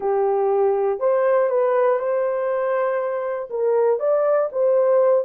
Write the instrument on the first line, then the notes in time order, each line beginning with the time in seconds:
horn
0.00 G4
0.99 C5
1.49 B4
1.99 C5
3.50 A#4
3.99 D5
4.51 C5